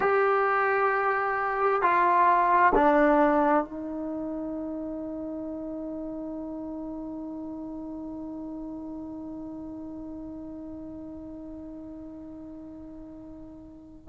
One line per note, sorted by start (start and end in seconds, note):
0.00 1.82 G4
1.82 2.73 F4
2.74 3.64 D4
3.64 14.09 D#4